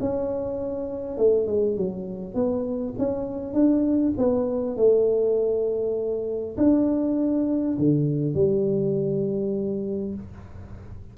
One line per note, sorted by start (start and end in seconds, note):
0.00 1.18 C#4
1.18 1.47 A3
1.47 1.77 G#3
1.77 2.34 F#3
2.34 2.94 B3
2.98 3.54 C#4
3.54 4.14 D4
4.18 4.76 B3
4.76 6.56 A3
6.57 7.77 D4
7.78 8.35 D3
8.35 10.15 G3